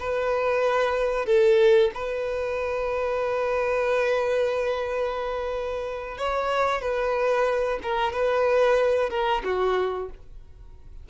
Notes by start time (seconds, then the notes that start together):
0.00 B4
1.26 A4
1.95 B4
6.18 C#5
6.82 B4
7.83 A#4
8.13 B4
9.10 A#4
9.45 F#4